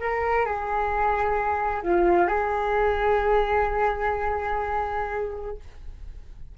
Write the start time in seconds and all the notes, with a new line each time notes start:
0.00 A#4
0.45 G#4
1.83 F4
2.27 G#4